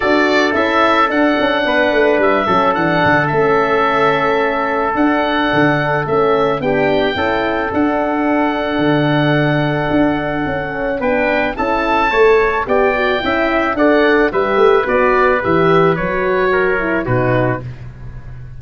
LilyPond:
<<
  \new Staff \with { instrumentName = "oboe" } { \time 4/4 \tempo 4 = 109 d''4 e''4 fis''2 | e''4 fis''4 e''2~ | e''4 fis''2 e''4 | g''2 fis''2~ |
fis''1 | g''4 a''2 g''4~ | g''4 fis''4 e''4 d''4 | e''4 cis''2 b'4 | }
  \new Staff \with { instrumentName = "trumpet" } { \time 4/4 a'2. b'4~ | b'8 a'2.~ a'8~ | a'1 | g'4 a'2.~ |
a'1 | b'4 a'4 cis''4 d''4 | e''4 d''4 b'2~ | b'2 ais'4 fis'4 | }
  \new Staff \with { instrumentName = "horn" } { \time 4/4 fis'4 e'4 d'2~ | d'8 cis'8 d'4 cis'2~ | cis'4 d'2 cis'4 | d'4 e'4 d'2~ |
d'2.~ d'16 cis'8. | d'4 e'4 a'4 g'8 fis'8 | e'4 a'4 g'4 fis'4 | g'4 fis'4. e'8 dis'4 | }
  \new Staff \with { instrumentName = "tuba" } { \time 4/4 d'4 cis'4 d'8 cis'8 b8 a8 | g8 fis8 e8 d8 a2~ | a4 d'4 d4 a4 | b4 cis'4 d'2 |
d2 d'4 cis'4 | b4 cis'4 a4 b4 | cis'4 d'4 g8 a8 b4 | e4 fis2 b,4 | }
>>